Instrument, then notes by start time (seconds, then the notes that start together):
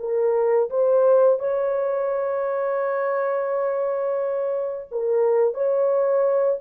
horn
0.00 A#4
0.70 C5
1.40 C#5
4.91 A#4
5.54 C#5